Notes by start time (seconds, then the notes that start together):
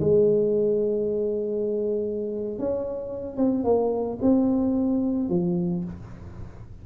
0.00 G#3
2.59 C#4
3.37 C4
3.64 A#3
4.22 C4
5.29 F3